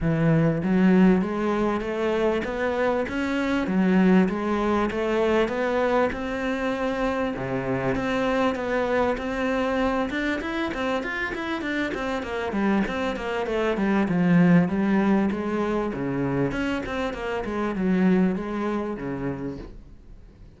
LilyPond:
\new Staff \with { instrumentName = "cello" } { \time 4/4 \tempo 4 = 98 e4 fis4 gis4 a4 | b4 cis'4 fis4 gis4 | a4 b4 c'2 | c4 c'4 b4 c'4~ |
c'8 d'8 e'8 c'8 f'8 e'8 d'8 c'8 | ais8 g8 c'8 ais8 a8 g8 f4 | g4 gis4 cis4 cis'8 c'8 | ais8 gis8 fis4 gis4 cis4 | }